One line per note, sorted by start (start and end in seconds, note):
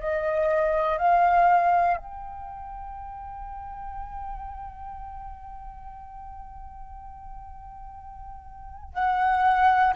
0.00 0.98 D#5
0.98 1.97 F5
1.97 8.94 G5
8.94 9.94 F#5